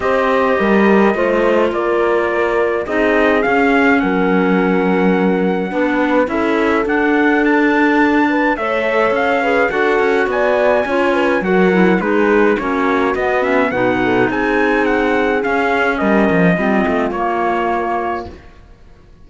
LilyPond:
<<
  \new Staff \with { instrumentName = "trumpet" } { \time 4/4 \tempo 4 = 105 dis''2. d''4~ | d''4 dis''4 f''4 fis''4~ | fis''2. e''4 | fis''4 a''2 e''4 |
f''4 fis''4 gis''2 | fis''4 b'4 cis''4 dis''8 e''8 | fis''4 gis''4 fis''4 f''4 | dis''2 cis''2 | }
  \new Staff \with { instrumentName = "horn" } { \time 4/4 c''4 ais'4 c''4 ais'4~ | ais'4 gis'2 ais'4~ | ais'2 b'4 a'4~ | a'2~ a'8 b'8 cis''4~ |
cis''8 b'8 a'4 d''4 cis''8 b'8 | ais'4 gis'4 fis'2 | b'8 a'8 gis'2. | ais'4 f'2. | }
  \new Staff \with { instrumentName = "clarinet" } { \time 4/4 g'2 f'2~ | f'4 dis'4 cis'2~ | cis'2 d'4 e'4 | d'2. a'4~ |
a'8 gis'8 fis'2 f'4 | fis'8 e'8 dis'4 cis'4 b8 cis'8 | dis'2. cis'4~ | cis'4 c'4 ais2 | }
  \new Staff \with { instrumentName = "cello" } { \time 4/4 c'4 g4 a4 ais4~ | ais4 c'4 cis'4 fis4~ | fis2 b4 cis'4 | d'2. a4 |
cis'4 d'8 cis'8 b4 cis'4 | fis4 gis4 ais4 b4 | b,4 c'2 cis'4 | g8 f8 g8 a8 ais2 | }
>>